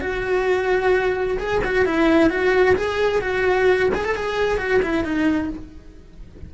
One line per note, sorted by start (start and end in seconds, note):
0.00 1.37 F#4
1.38 1.61 G#4
1.64 1.85 F#4
1.85 2.29 E4
2.29 2.75 F#4
2.76 3.21 G#4
3.21 3.90 F#4
3.94 4.04 G#4
4.04 4.15 A4
4.15 4.57 G#4
4.57 4.80 F#4
4.82 5.04 E4
5.04 5.49 D#4